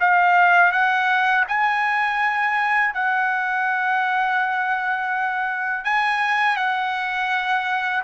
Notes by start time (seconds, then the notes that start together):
0.00 F5
0.72 F#5
1.48 G#5
2.94 F#5
5.84 G#5
6.56 F#5